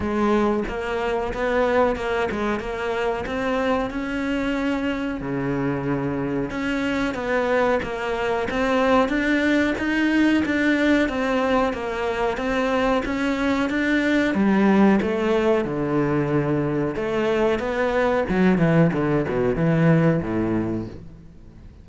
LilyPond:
\new Staff \with { instrumentName = "cello" } { \time 4/4 \tempo 4 = 92 gis4 ais4 b4 ais8 gis8 | ais4 c'4 cis'2 | cis2 cis'4 b4 | ais4 c'4 d'4 dis'4 |
d'4 c'4 ais4 c'4 | cis'4 d'4 g4 a4 | d2 a4 b4 | fis8 e8 d8 b,8 e4 a,4 | }